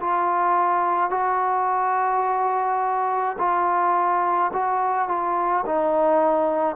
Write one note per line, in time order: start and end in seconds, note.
0.00 1.10 F4
1.10 3.37 F#4
3.38 4.51 F4
4.53 5.08 F#4
5.08 5.64 F4
5.66 6.76 D#4